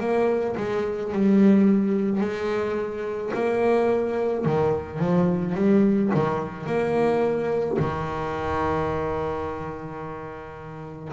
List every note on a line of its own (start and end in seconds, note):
0.00 0.56 A#3
0.57 1.12 G#3
1.13 2.20 G3
2.20 3.31 G#3
3.34 4.45 A#3
4.45 4.99 D#3
4.99 5.55 F3
5.55 6.11 G3
6.14 6.67 D#3
6.67 7.78 A#3
7.79 11.12 D#3